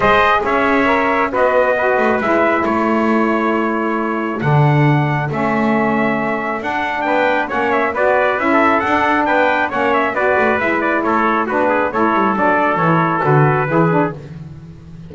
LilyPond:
<<
  \new Staff \with { instrumentName = "trumpet" } { \time 4/4 \tempo 4 = 136 dis''4 e''2 dis''4~ | dis''4 e''4 cis''2~ | cis''2 fis''2 | e''2. fis''4 |
g''4 fis''8 e''8 d''4 e''4 | fis''4 g''4 fis''8 e''8 d''4 | e''8 d''8 cis''4 b'4 cis''4 | d''4 cis''4 b'2 | }
  \new Staff \with { instrumentName = "trumpet" } { \time 4/4 c''4 cis''2 fis'4 | b'2 a'2~ | a'1~ | a'1 |
b'4 cis''4 b'4~ b'16 a'8.~ | a'4 b'4 cis''4 b'4~ | b'4 a'4 fis'8 gis'8 a'4~ | a'2. gis'4 | }
  \new Staff \with { instrumentName = "saxophone" } { \time 4/4 gis'2 ais'4 b'4 | fis'4 e'2.~ | e'2 d'2 | cis'2. d'4~ |
d'4 cis'4 fis'4 e'4 | d'2 cis'4 fis'4 | e'2 d'4 e'4 | d'4 e'4 fis'4 e'8 d'8 | }
  \new Staff \with { instrumentName = "double bass" } { \time 4/4 gis4 cis'2 b4~ | b8 a8 gis4 a2~ | a2 d2 | a2. d'4 |
b4 ais4 b4 cis'4 | d'4 b4 ais4 b8 a8 | gis4 a4 b4 a8 g8 | fis4 e4 d4 e4 | }
>>